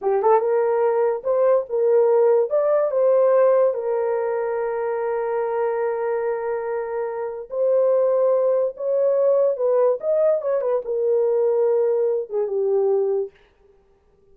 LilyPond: \new Staff \with { instrumentName = "horn" } { \time 4/4 \tempo 4 = 144 g'8 a'8 ais'2 c''4 | ais'2 d''4 c''4~ | c''4 ais'2.~ | ais'1~ |
ais'2 c''2~ | c''4 cis''2 b'4 | dis''4 cis''8 b'8 ais'2~ | ais'4. gis'8 g'2 | }